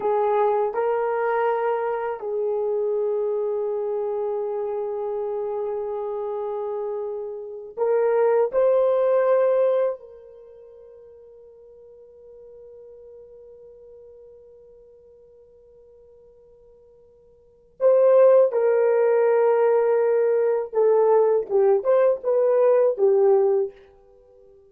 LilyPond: \new Staff \with { instrumentName = "horn" } { \time 4/4 \tempo 4 = 81 gis'4 ais'2 gis'4~ | gis'1~ | gis'2~ gis'8 ais'4 c''8~ | c''4. ais'2~ ais'8~ |
ais'1~ | ais'1 | c''4 ais'2. | a'4 g'8 c''8 b'4 g'4 | }